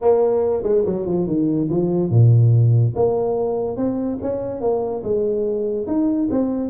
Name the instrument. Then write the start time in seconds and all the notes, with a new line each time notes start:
tuba
0.01 A#3
0.63 G#3
0.85 F#3
1.05 F3
1.26 D#3
1.70 F3
2.10 A#2
2.95 A#3
3.76 C4
4.22 C#4
4.60 A#3
5.03 G#3
5.86 D#4
6.30 C4